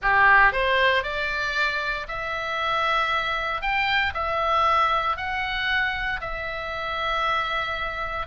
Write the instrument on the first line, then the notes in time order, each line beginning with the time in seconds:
oboe
0.01 G4
0.52 C5
1.03 D5
2.08 E5
3.61 G5
4.14 E5
5.17 F#5
6.21 E5